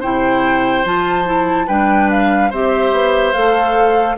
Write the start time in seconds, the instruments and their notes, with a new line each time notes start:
0.00 bassoon C3, clarinet E4, oboe C5, flute G5
0.85 bassoon F3, clarinet F4, flute A5
1.26 clarinet E4
1.67 bassoon G3, clarinet D4, oboe B4, flute G5
2.10 flute F5
2.50 bassoon C4, clarinet G4, oboe C5, flute E5
2.92 bassoon B3
3.33 bassoon A3, clarinet A4, flute F5